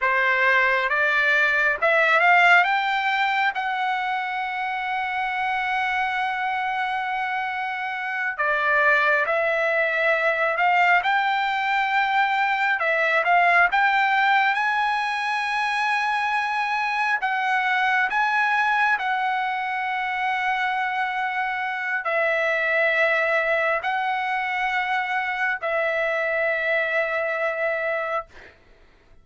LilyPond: \new Staff \with { instrumentName = "trumpet" } { \time 4/4 \tempo 4 = 68 c''4 d''4 e''8 f''8 g''4 | fis''1~ | fis''4. d''4 e''4. | f''8 g''2 e''8 f''8 g''8~ |
g''8 gis''2. fis''8~ | fis''8 gis''4 fis''2~ fis''8~ | fis''4 e''2 fis''4~ | fis''4 e''2. | }